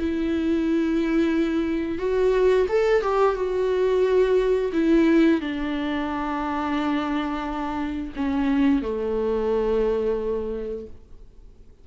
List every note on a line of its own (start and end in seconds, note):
0.00 1.99 E4
1.99 2.67 F#4
2.69 3.02 A4
3.02 3.36 G4
3.36 4.72 F#4
4.73 5.41 E4
5.41 8.14 D4
8.16 8.82 C#4
8.82 10.87 A3